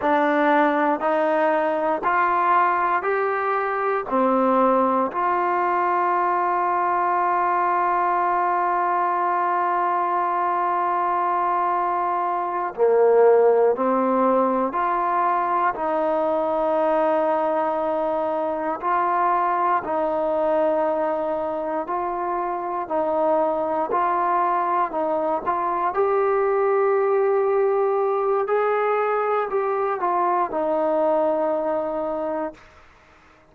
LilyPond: \new Staff \with { instrumentName = "trombone" } { \time 4/4 \tempo 4 = 59 d'4 dis'4 f'4 g'4 | c'4 f'2.~ | f'1~ | f'8 ais4 c'4 f'4 dis'8~ |
dis'2~ dis'8 f'4 dis'8~ | dis'4. f'4 dis'4 f'8~ | f'8 dis'8 f'8 g'2~ g'8 | gis'4 g'8 f'8 dis'2 | }